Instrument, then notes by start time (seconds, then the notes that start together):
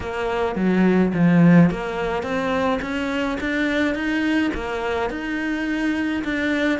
cello
0.00 A#3
0.55 F#3
1.13 F3
1.70 A#3
2.22 C4
2.81 C#4
3.40 D4
3.94 D#4
4.54 A#3
5.09 D#4
6.24 D4